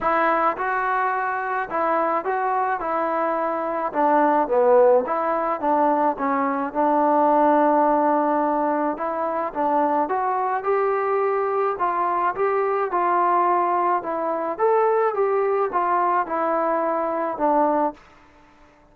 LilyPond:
\new Staff \with { instrumentName = "trombone" } { \time 4/4 \tempo 4 = 107 e'4 fis'2 e'4 | fis'4 e'2 d'4 | b4 e'4 d'4 cis'4 | d'1 |
e'4 d'4 fis'4 g'4~ | g'4 f'4 g'4 f'4~ | f'4 e'4 a'4 g'4 | f'4 e'2 d'4 | }